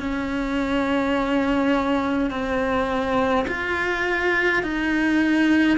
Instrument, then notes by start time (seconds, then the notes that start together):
cello
0.00 C#4
2.30 C4
3.47 F4
4.63 D#4